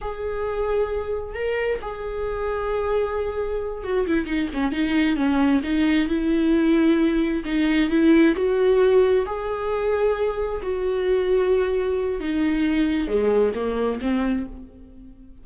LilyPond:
\new Staff \with { instrumentName = "viola" } { \time 4/4 \tempo 4 = 133 gis'2. ais'4 | gis'1~ | gis'8 fis'8 e'8 dis'8 cis'8 dis'4 cis'8~ | cis'8 dis'4 e'2~ e'8~ |
e'8 dis'4 e'4 fis'4.~ | fis'8 gis'2. fis'8~ | fis'2. dis'4~ | dis'4 gis4 ais4 c'4 | }